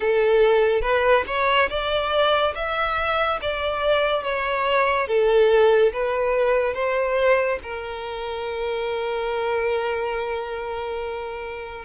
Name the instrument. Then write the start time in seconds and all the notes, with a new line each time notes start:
violin
0.00 A4
0.81 B4
1.26 C#5
1.69 D5
2.55 E5
3.41 D5
4.23 C#5
5.07 A4
5.92 B4
6.74 C5
7.62 A#4